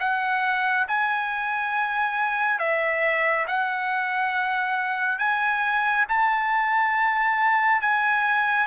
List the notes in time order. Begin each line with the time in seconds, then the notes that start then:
0.00 F#5
0.88 G#5
2.59 E5
3.48 F#5
5.19 G#5
6.09 A5
7.81 G#5